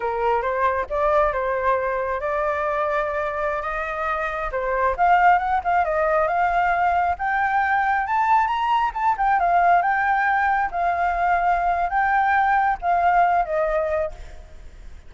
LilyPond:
\new Staff \with { instrumentName = "flute" } { \time 4/4 \tempo 4 = 136 ais'4 c''4 d''4 c''4~ | c''4 d''2.~ | d''16 dis''2 c''4 f''8.~ | f''16 fis''8 f''8 dis''4 f''4.~ f''16~ |
f''16 g''2 a''4 ais''8.~ | ais''16 a''8 g''8 f''4 g''4.~ g''16~ | g''16 f''2~ f''8. g''4~ | g''4 f''4. dis''4. | }